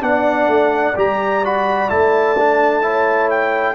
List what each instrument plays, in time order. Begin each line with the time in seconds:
0.00 tuba B3, trombone D4, horn D5, trumpet F#5
0.48 tuba A3
0.96 tuba G3, trombone G4, trumpet A#5
1.44 trombone F#4, trumpet B5
1.89 tuba A3, trombone E4, trumpet A5
2.39 trombone D4
2.82 trombone E4, horn C#5
3.30 trumpet G5